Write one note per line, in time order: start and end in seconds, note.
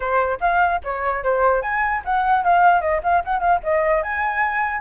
0.00 0.39 C5
0.40 0.80 F5
0.83 1.23 C#5
1.23 1.62 C5
1.62 2.02 G#5
2.04 2.43 F#5
2.43 2.81 F5
2.81 3.01 D#5
3.03 3.23 F5
3.24 3.39 F#5
3.39 3.59 F5
3.63 4.02 D#5
4.02 4.81 G#5